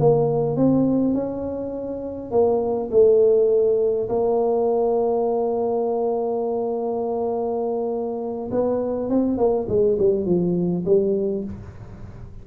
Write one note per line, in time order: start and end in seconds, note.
0.00 0.57 A#3
0.57 1.14 C4
1.14 2.32 C#4
2.32 2.91 A#3
2.91 4.09 A3
4.09 8.50 A#3
8.52 9.10 B3
9.10 9.38 C4
9.38 9.67 A#3
9.69 9.98 G#3
9.99 10.26 G3
10.26 10.85 F3
10.86 11.44 G3